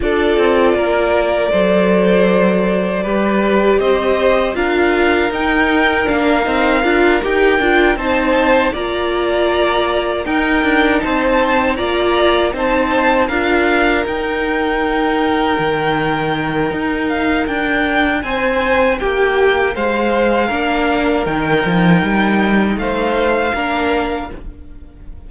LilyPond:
<<
  \new Staff \with { instrumentName = "violin" } { \time 4/4 \tempo 4 = 79 d''1~ | d''4 dis''4 f''4 g''4 | f''4. g''4 a''4 ais''8~ | ais''4. g''4 a''4 ais''8~ |
ais''8 a''4 f''4 g''4.~ | g''2~ g''8 f''8 g''4 | gis''4 g''4 f''2 | g''2 f''2 | }
  \new Staff \with { instrumentName = "violin" } { \time 4/4 a'4 ais'4 c''2 | b'4 c''4 ais'2~ | ais'2~ ais'8 c''4 d''8~ | d''4. ais'4 c''4 d''8~ |
d''8 c''4 ais'2~ ais'8~ | ais'1 | c''4 g'4 c''4 ais'4~ | ais'2 c''4 ais'4 | }
  \new Staff \with { instrumentName = "viola" } { \time 4/4 f'2 a'2 | g'2 f'4 dis'4 | d'8 dis'8 f'8 g'8 f'8 dis'4 f'8~ | f'4. dis'2 f'8~ |
f'8 dis'4 f'4 dis'4.~ | dis'1~ | dis'2. d'4 | dis'2. d'4 | }
  \new Staff \with { instrumentName = "cello" } { \time 4/4 d'8 c'8 ais4 fis2 | g4 c'4 d'4 dis'4 | ais8 c'8 d'8 dis'8 d'8 c'4 ais8~ | ais4. dis'8 d'8 c'4 ais8~ |
ais8 c'4 d'4 dis'4.~ | dis'8 dis4. dis'4 d'4 | c'4 ais4 gis4 ais4 | dis8 f8 g4 a4 ais4 | }
>>